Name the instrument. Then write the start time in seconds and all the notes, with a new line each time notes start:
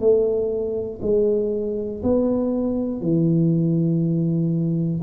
tuba
0.00 A3
1.01 G#3
2.03 B3
3.01 E3